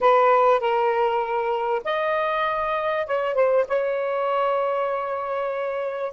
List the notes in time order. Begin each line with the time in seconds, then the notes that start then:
0.01 B4
0.60 A#4
1.84 D#5
3.06 C#5
3.34 C5
3.67 C#5